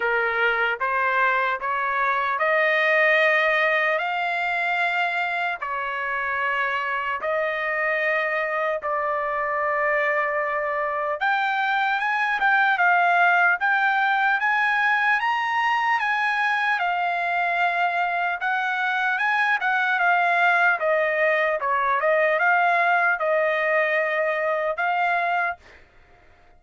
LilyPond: \new Staff \with { instrumentName = "trumpet" } { \time 4/4 \tempo 4 = 75 ais'4 c''4 cis''4 dis''4~ | dis''4 f''2 cis''4~ | cis''4 dis''2 d''4~ | d''2 g''4 gis''8 g''8 |
f''4 g''4 gis''4 ais''4 | gis''4 f''2 fis''4 | gis''8 fis''8 f''4 dis''4 cis''8 dis''8 | f''4 dis''2 f''4 | }